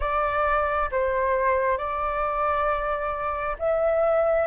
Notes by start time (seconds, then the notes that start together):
0.00 D5
0.91 C5
1.77 D5
3.58 E5